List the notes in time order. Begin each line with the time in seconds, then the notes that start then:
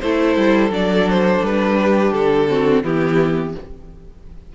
0.00 A3 E4 A4 C5
0.36 G3
0.70 F#3 D4 D5
1.09 C5
1.42 G3 B4
1.81 G4
2.12 D3 A4
2.48 C4 F#4
2.83 E3 B3 E4 G4